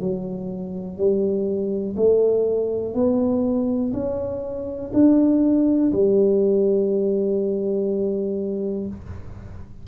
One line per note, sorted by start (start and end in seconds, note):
0.00 0.97 F#3
0.97 1.95 G3
1.96 2.94 A3
2.94 3.93 B3
3.93 4.91 C#4
4.94 5.92 D4
5.92 8.87 G3